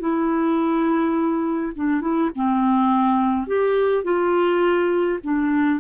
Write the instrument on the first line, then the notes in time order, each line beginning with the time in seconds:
clarinet
0.00 E4
1.76 D4
2.01 E4
2.35 C4
3.47 G4
4.04 F4
5.23 D4